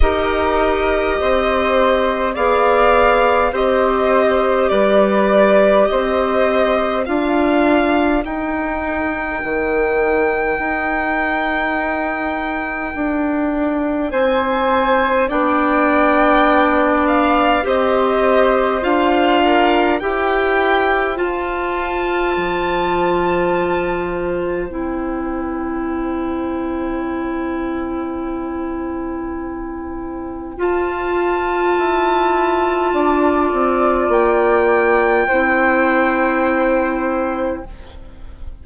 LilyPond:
<<
  \new Staff \with { instrumentName = "violin" } { \time 4/4 \tempo 4 = 51 dis''2 f''4 dis''4 | d''4 dis''4 f''4 g''4~ | g''1 | gis''4 g''4. f''8 dis''4 |
f''4 g''4 a''2~ | a''4 g''2.~ | g''2 a''2~ | a''4 g''2. | }
  \new Staff \with { instrumentName = "flute" } { \time 4/4 ais'4 c''4 d''4 c''4 | b'4 c''4 ais'2~ | ais'1 | c''4 d''2 c''4~ |
c''8 ais'8 c''2.~ | c''1~ | c''1 | d''2 c''2 | }
  \new Staff \with { instrumentName = "clarinet" } { \time 4/4 g'2 gis'4 g'4~ | g'2 f'4 dis'4~ | dis'1~ | dis'4 d'2 g'4 |
f'4 g'4 f'2~ | f'4 e'2.~ | e'2 f'2~ | f'2 e'2 | }
  \new Staff \with { instrumentName = "bassoon" } { \time 4/4 dis'4 c'4 b4 c'4 | g4 c'4 d'4 dis'4 | dis4 dis'2 d'4 | c'4 b2 c'4 |
d'4 e'4 f'4 f4~ | f4 c'2.~ | c'2 f'4 e'4 | d'8 c'8 ais4 c'2 | }
>>